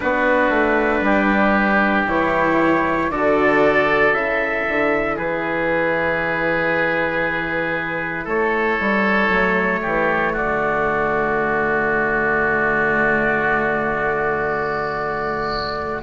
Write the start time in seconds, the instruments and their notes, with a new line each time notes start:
0.00 bassoon B3, cello D4, oboe F#4, trumpet B4
0.49 bassoon A3
1.00 bassoon G3, oboe G4
2.07 bassoon E3, cello E4, trumpet C#5
3.10 bassoon D3, cello F#4, oboe A4, trumpet D5
4.12 bassoon C#3, cello E4, trumpet E5
4.67 bassoon D3
5.16 bassoon E3, oboe G#4, trumpet B4
8.24 bassoon A3, oboe A4, trumpet C#5
8.79 bassoon G3
9.29 bassoon F#3, cello A3
9.81 bassoon E3, oboe G4
10.32 bassoon D3, oboe F#4, trumpet D5